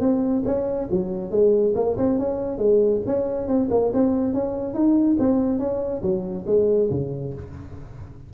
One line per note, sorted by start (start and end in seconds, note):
0.00 0.43 C4
0.45 0.88 C#4
0.91 1.31 F#3
1.31 1.73 G#3
1.75 1.97 A#3
1.97 2.19 C4
2.19 2.58 C#4
2.58 3.01 G#3
3.06 3.47 C#4
3.47 3.69 C4
3.70 3.92 A#3
3.93 4.34 C4
4.34 4.74 C#4
4.74 5.17 D#4
5.19 5.59 C4
5.59 6.01 C#4
6.02 6.45 F#3
6.46 6.89 G#3
6.90 7.33 C#3